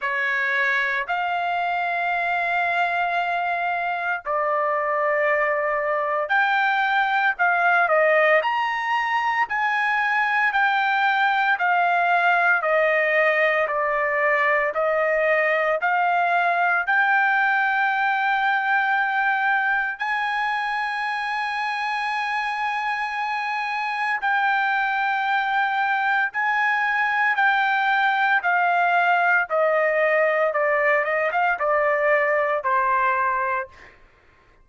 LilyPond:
\new Staff \with { instrumentName = "trumpet" } { \time 4/4 \tempo 4 = 57 cis''4 f''2. | d''2 g''4 f''8 dis''8 | ais''4 gis''4 g''4 f''4 | dis''4 d''4 dis''4 f''4 |
g''2. gis''4~ | gis''2. g''4~ | g''4 gis''4 g''4 f''4 | dis''4 d''8 dis''16 f''16 d''4 c''4 | }